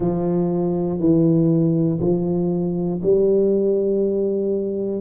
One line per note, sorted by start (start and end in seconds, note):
0.00 1.00 F3
1.00 2.00 E3
2.00 3.00 F3
3.02 5.01 G3